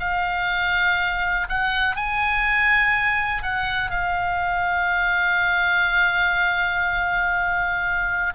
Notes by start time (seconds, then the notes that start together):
0.00 F5
1.49 F#5
1.96 G#5
3.42 F#5
3.91 F5